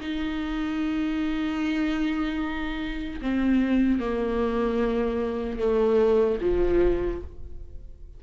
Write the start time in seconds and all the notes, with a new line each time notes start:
0.00 D#4
3.21 C4
3.99 A#3
5.58 A3
6.41 F3